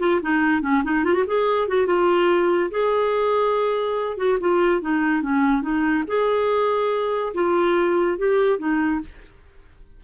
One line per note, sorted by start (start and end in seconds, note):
0.00 0.21 F4
0.22 0.62 D#4
0.62 0.83 C#4
0.84 1.05 D#4
1.05 1.14 F4
1.14 1.25 F#4
1.27 1.68 G#4
1.68 1.87 F#4
1.87 2.71 F4
2.71 4.18 G#4
4.18 4.39 F#4
4.40 4.81 F4
4.81 5.22 D#4
5.22 5.62 C#4
5.62 6.04 D#4
6.07 7.33 G#4
7.34 8.18 F4
8.18 8.59 G4
8.59 9.01 D#4